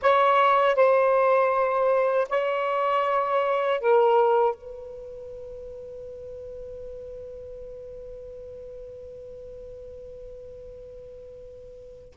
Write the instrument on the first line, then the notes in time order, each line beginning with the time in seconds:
saxophone
0.02 C#5
0.75 C5
2.29 C#5
3.80 A#4
4.54 B4